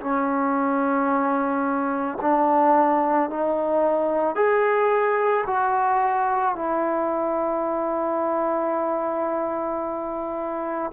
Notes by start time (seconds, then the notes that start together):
0.00 C#4
2.21 D4
3.30 D#4
4.35 G#4
5.46 F#4
6.56 E4